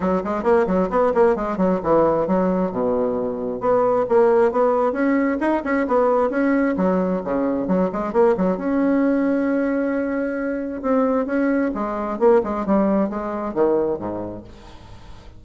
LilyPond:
\new Staff \with { instrumentName = "bassoon" } { \time 4/4 \tempo 4 = 133 fis8 gis8 ais8 fis8 b8 ais8 gis8 fis8 | e4 fis4 b,2 | b4 ais4 b4 cis'4 | dis'8 cis'8 b4 cis'4 fis4 |
cis4 fis8 gis8 ais8 fis8 cis'4~ | cis'1 | c'4 cis'4 gis4 ais8 gis8 | g4 gis4 dis4 gis,4 | }